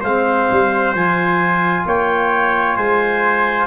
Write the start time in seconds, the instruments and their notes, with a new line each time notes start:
0.00 tuba G#3, trombone C4, trumpet C5, clarinet F5
0.51 tuba G3
0.94 tuba F3, trombone F4, clarinet G#5
1.86 tuba A#3, trumpet C#5, clarinet G5
2.75 tuba G#3, trumpet C5, clarinet G#5